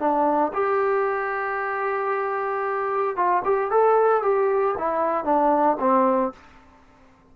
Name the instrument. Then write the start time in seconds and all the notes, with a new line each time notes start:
trombone
0.00 D4
0.54 G4
3.17 F4
3.45 G4
3.71 A4
4.23 G4
4.78 E4
5.25 D4
5.80 C4